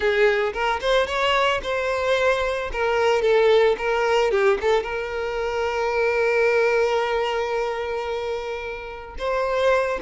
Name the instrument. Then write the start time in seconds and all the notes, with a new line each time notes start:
violin
0.00 G#4
0.53 A#4
0.81 C5
1.06 C#5
1.62 C5
2.72 A#4
3.22 A4
3.78 A#4
4.31 G4
4.60 A4
4.83 A#4
9.18 C5